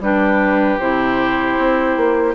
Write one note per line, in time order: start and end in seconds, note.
0.00 0.78 G3
0.00 0.80 D4
0.00 2.34 G4
0.00 0.79 B4
0.79 1.57 C3
0.79 2.34 E4
0.79 2.34 C5
1.58 1.96 C4
1.96 2.34 A#3